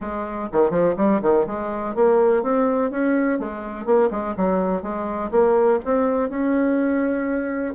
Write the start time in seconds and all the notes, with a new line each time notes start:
0.00 G#3
0.52 D#3
0.70 F3
0.96 G3
1.22 D#3
1.46 G#3
1.95 A#3
2.42 C4
2.90 C#4
3.39 G#3
3.85 A#3
4.10 G#3
4.37 F#3
4.82 G#3
5.31 A#3
5.85 C4
6.29 C#4